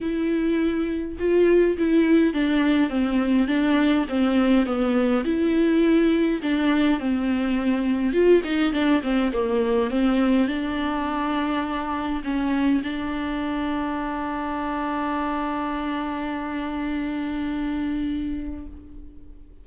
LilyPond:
\new Staff \with { instrumentName = "viola" } { \time 4/4 \tempo 4 = 103 e'2 f'4 e'4 | d'4 c'4 d'4 c'4 | b4 e'2 d'4 | c'2 f'8 dis'8 d'8 c'8 |
ais4 c'4 d'2~ | d'4 cis'4 d'2~ | d'1~ | d'1 | }